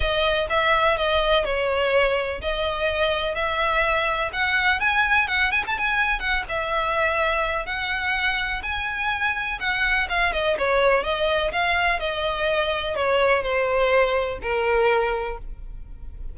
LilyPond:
\new Staff \with { instrumentName = "violin" } { \time 4/4 \tempo 4 = 125 dis''4 e''4 dis''4 cis''4~ | cis''4 dis''2 e''4~ | e''4 fis''4 gis''4 fis''8 gis''16 a''16 | gis''4 fis''8 e''2~ e''8 |
fis''2 gis''2 | fis''4 f''8 dis''8 cis''4 dis''4 | f''4 dis''2 cis''4 | c''2 ais'2 | }